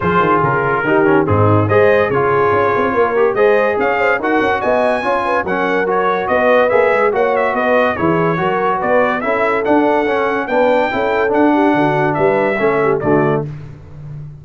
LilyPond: <<
  \new Staff \with { instrumentName = "trumpet" } { \time 4/4 \tempo 4 = 143 c''4 ais'2 gis'4 | dis''4 cis''2. | dis''4 f''4 fis''4 gis''4~ | gis''4 fis''4 cis''4 dis''4 |
e''4 fis''8 e''8 dis''4 cis''4~ | cis''4 d''4 e''4 fis''4~ | fis''4 g''2 fis''4~ | fis''4 e''2 d''4 | }
  \new Staff \with { instrumentName = "horn" } { \time 4/4 gis'2 g'4 dis'4 | c''4 gis'2 ais'4 | c''4 cis''8 c''8 ais'4 dis''4 | cis''8 b'8 ais'2 b'4~ |
b'4 cis''4 b'4 gis'4 | ais'4 b'4 a'2~ | a'4 b'4 a'4. g'8 | fis'4 b'4 a'8 g'8 fis'4 | }
  \new Staff \with { instrumentName = "trombone" } { \time 4/4 f'2 dis'8 cis'8 c'4 | gis'4 f'2~ f'8 g'8 | gis'2 fis'2 | f'4 cis'4 fis'2 |
gis'4 fis'2 e'4 | fis'2 e'4 d'4 | cis'4 d'4 e'4 d'4~ | d'2 cis'4 a4 | }
  \new Staff \with { instrumentName = "tuba" } { \time 4/4 f8 dis8 cis4 dis4 gis,4 | gis4 cis4 cis'8 c'8 ais4 | gis4 cis'4 dis'8 cis'8 b4 | cis'4 fis2 b4 |
ais8 gis8 ais4 b4 e4 | fis4 b4 cis'4 d'4 | cis'4 b4 cis'4 d'4 | d4 g4 a4 d4 | }
>>